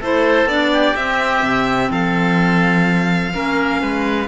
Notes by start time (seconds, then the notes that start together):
0.00 A3 E4 A4 C5
0.45 B3 D4 D5
0.72 G4
0.96 C4 E5
1.42 C3
1.90 F3 A4 F5
3.33 A#3 C#4 A#4
3.81 G#3 B4